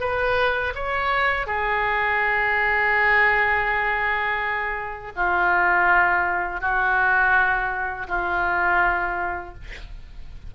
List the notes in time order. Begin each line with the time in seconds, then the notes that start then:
0.00 B4
0.75 C#5
1.47 G#4
5.16 F4
6.61 F#4
8.08 F4